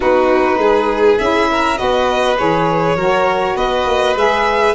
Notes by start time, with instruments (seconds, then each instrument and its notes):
0.00 tuba B3, saxophone D#4, violin F#4 B4
0.57 tuba G#3, violin G#4
1.18 tuba C#4, saxophone E4, violin E5
1.50 violin A#4
1.75 tuba B3, saxophone F#4, violin B4 D#5
2.38 tuba E3, saxophone G#4, violin C#5
2.95 tuba F#3, saxophone F#4, violin A#4
3.55 tuba B3, violin B4 D#5
3.86 tuba A#3
4.15 tuba G#3, saxophone G#4, violin E5